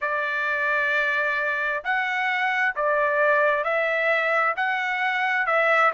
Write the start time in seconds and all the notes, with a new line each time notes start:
0.01 D5
1.83 F#5
2.75 D5
3.64 E5
4.56 F#5
5.46 E5